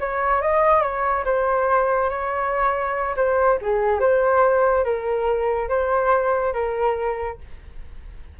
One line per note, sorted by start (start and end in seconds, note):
0.00 0.41 C#5
0.41 0.82 D#5
0.82 1.24 C#5
1.25 2.09 C5
2.09 3.15 C#5
3.16 3.59 C5
3.61 4.00 G#4
4.00 4.84 C5
4.84 5.69 A#4
5.69 6.53 C5
6.53 7.38 A#4